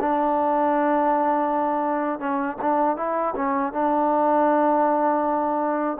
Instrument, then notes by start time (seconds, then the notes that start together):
trombone
0.00 D4
2.20 C#4
2.61 D4
2.97 E4
3.35 C#4
3.73 D4